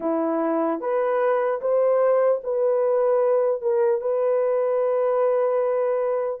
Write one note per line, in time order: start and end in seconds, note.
0.00 0.80 E4
0.80 1.60 B4
1.61 2.41 C5
2.43 3.61 B4
3.61 4.01 A#4
4.01 6.40 B4